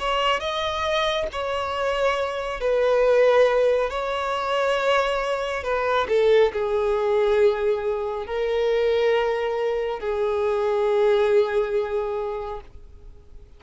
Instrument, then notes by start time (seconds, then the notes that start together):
violin
0.00 C#5
0.40 D#5
1.32 C#5
2.61 B4
3.91 C#5
5.64 B4
6.09 A4
6.53 G#4
8.26 A#4
10.00 G#4